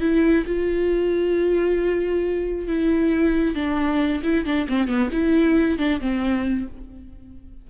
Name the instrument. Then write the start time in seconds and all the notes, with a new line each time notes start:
viola
0.00 E4
0.46 F4
2.67 E4
3.55 D4
4.23 E4
4.45 D4
4.68 C4
4.88 B3
5.12 E4
5.78 D4
6.00 C4